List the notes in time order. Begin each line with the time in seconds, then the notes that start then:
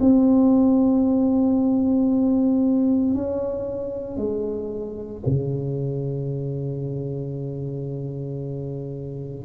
0.00 C4
3.14 C#4
4.17 G#3
5.25 C#3